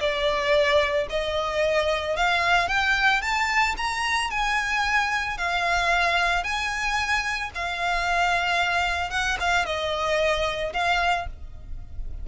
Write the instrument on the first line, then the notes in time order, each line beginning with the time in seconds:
violin
0.00 D5
1.10 D#5
2.16 F5
2.68 G5
3.21 A5
3.77 A#5
4.31 G#5
5.38 F5
6.43 G#5
7.55 F5
9.10 F#5
9.40 F5
9.66 D#5
10.73 F5